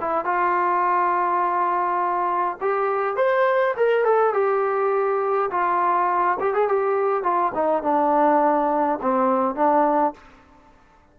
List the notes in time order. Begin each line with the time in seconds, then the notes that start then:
0.00 E4
0.24 F4
2.61 G4
3.16 C5
3.77 A#4
4.04 A4
4.33 G4
5.50 F4
6.40 G4
6.53 G#4
6.68 G4
7.23 F4
7.54 D#4
7.82 D4
9.01 C4
9.55 D4